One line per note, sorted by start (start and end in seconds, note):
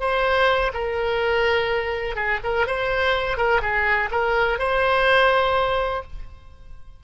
0.00 0.72 C5
0.73 2.16 A#4
2.16 2.40 G#4
2.44 2.67 A#4
2.67 3.37 C5
3.37 3.61 A#4
3.62 4.10 G#4
4.11 4.59 A#4
4.59 6.03 C5